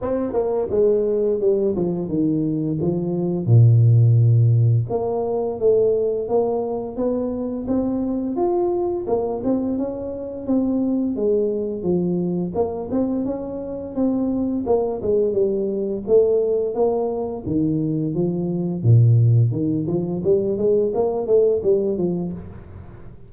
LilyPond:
\new Staff \with { instrumentName = "tuba" } { \time 4/4 \tempo 4 = 86 c'8 ais8 gis4 g8 f8 dis4 | f4 ais,2 ais4 | a4 ais4 b4 c'4 | f'4 ais8 c'8 cis'4 c'4 |
gis4 f4 ais8 c'8 cis'4 | c'4 ais8 gis8 g4 a4 | ais4 dis4 f4 ais,4 | dis8 f8 g8 gis8 ais8 a8 g8 f8 | }